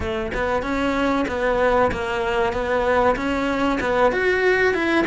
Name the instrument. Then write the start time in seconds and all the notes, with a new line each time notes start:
cello
0.00 A3
0.34 B3
0.62 C#4
1.27 B3
1.91 A#3
2.52 B3
3.16 C#4
3.80 B3
4.12 F#4
4.73 E4